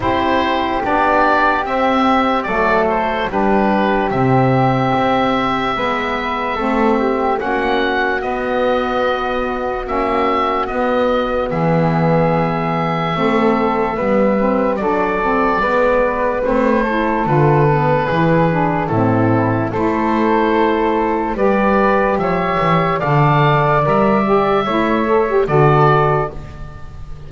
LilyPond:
<<
  \new Staff \with { instrumentName = "oboe" } { \time 4/4 \tempo 4 = 73 c''4 d''4 e''4 d''8 c''8 | b'4 e''2.~ | e''4 fis''4 dis''2 | e''4 dis''4 e''2~ |
e''2 d''2 | c''4 b'2 a'4 | c''2 d''4 e''4 | f''4 e''2 d''4 | }
  \new Staff \with { instrumentName = "flute" } { \time 4/4 g'2. a'4 | g'2. b'4 | a'8 g'8 fis'2.~ | fis'2 gis'2 |
a'4 b'4 a'4 b'4~ | b'8 a'4. gis'4 e'4 | a'2 b'4 cis''4 | d''2 cis''4 a'4 | }
  \new Staff \with { instrumentName = "saxophone" } { \time 4/4 e'4 d'4 c'4 a4 | d'4 c'2 b4 | c'4 cis'4 b2 | cis'4 b2. |
c'4 b8 c'8 d'8 c'8 b4 | c'8 e'8 f'8 b8 e'8 d'8 c'4 | e'2 g'2 | a'4 ais'8 g'8 e'8 a'16 g'16 fis'4 | }
  \new Staff \with { instrumentName = "double bass" } { \time 4/4 c'4 b4 c'4 fis4 | g4 c4 c'4 gis4 | a4 ais4 b2 | ais4 b4 e2 |
a4 g4 fis4 gis4 | a4 d4 e4 a,4 | a2 g4 f8 e8 | d4 g4 a4 d4 | }
>>